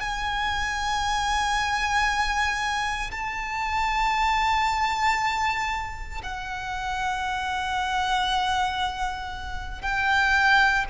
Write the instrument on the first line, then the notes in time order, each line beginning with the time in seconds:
violin
0.00 G#5
3.11 A5
6.23 F#5
9.81 G5